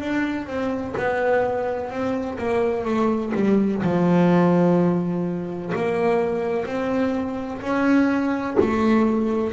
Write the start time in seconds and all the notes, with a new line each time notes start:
0.00 D4
0.47 C4
0.97 B3
1.90 C4
2.38 A#3
2.85 A3
3.34 G3
3.82 F3
5.76 A#3
6.65 C4
7.61 C#4
8.60 A3